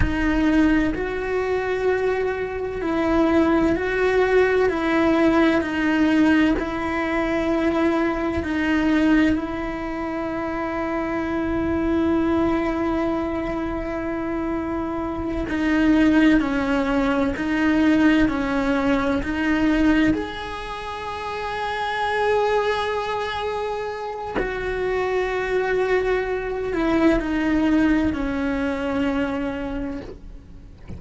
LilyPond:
\new Staff \with { instrumentName = "cello" } { \time 4/4 \tempo 4 = 64 dis'4 fis'2 e'4 | fis'4 e'4 dis'4 e'4~ | e'4 dis'4 e'2~ | e'1~ |
e'8 dis'4 cis'4 dis'4 cis'8~ | cis'8 dis'4 gis'2~ gis'8~ | gis'2 fis'2~ | fis'8 e'8 dis'4 cis'2 | }